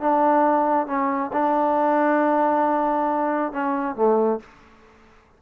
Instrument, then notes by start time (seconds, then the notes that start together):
trombone
0.00 D4
0.87 C#4
1.33 D4
3.52 C#4
3.95 A3